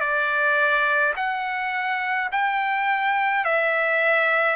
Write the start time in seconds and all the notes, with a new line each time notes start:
0.00 D5
1.16 F#5
2.32 G5
3.44 E5